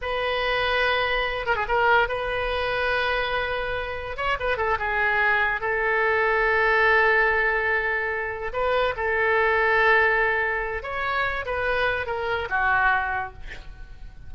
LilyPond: \new Staff \with { instrumentName = "oboe" } { \time 4/4 \tempo 4 = 144 b'2.~ b'8 ais'16 gis'16 | ais'4 b'2.~ | b'2 cis''8 b'8 a'8 gis'8~ | gis'4. a'2~ a'8~ |
a'1~ | a'8 b'4 a'2~ a'8~ | a'2 cis''4. b'8~ | b'4 ais'4 fis'2 | }